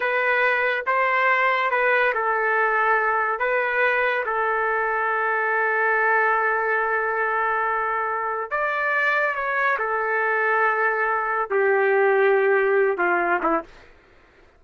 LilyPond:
\new Staff \with { instrumentName = "trumpet" } { \time 4/4 \tempo 4 = 141 b'2 c''2 | b'4 a'2. | b'2 a'2~ | a'1~ |
a'1 | d''2 cis''4 a'4~ | a'2. g'4~ | g'2~ g'8 f'4 e'8 | }